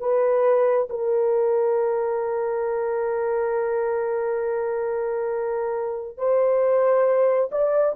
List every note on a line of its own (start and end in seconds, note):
0.00 0.88 B4
0.90 6.18 A#4
6.18 7.50 C5
7.52 7.96 D5